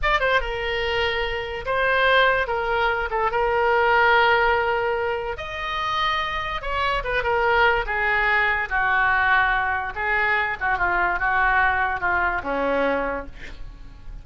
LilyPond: \new Staff \with { instrumentName = "oboe" } { \time 4/4 \tempo 4 = 145 d''8 c''8 ais'2. | c''2 ais'4. a'8 | ais'1~ | ais'4 dis''2. |
cis''4 b'8 ais'4. gis'4~ | gis'4 fis'2. | gis'4. fis'8 f'4 fis'4~ | fis'4 f'4 cis'2 | }